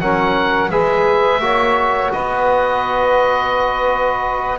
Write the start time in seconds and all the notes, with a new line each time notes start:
0.00 F#3 C#4 A#4 F#5
0.71 G#3 G#4 B4 E5
1.40 A#3 F#4 C#5
2.12 B3 B4 D#5